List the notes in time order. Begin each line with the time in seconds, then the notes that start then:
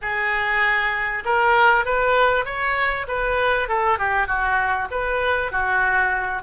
0.01 G#4
1.24 A#4
1.85 B4
2.45 C#5
3.07 B4
3.68 A4
3.98 G4
4.27 F#4
4.90 B4
5.51 F#4